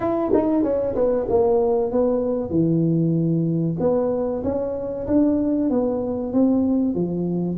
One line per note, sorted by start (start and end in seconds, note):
0.00 0.31 E4
0.33 0.63 D#4
0.63 0.94 C#4
0.95 1.26 B3
1.29 1.91 A#3
1.91 2.49 B3
2.49 3.76 E3
3.79 4.42 B3
4.43 5.06 C#4
5.07 5.70 D4
5.70 6.32 B3
6.32 6.94 C4
6.94 7.57 F3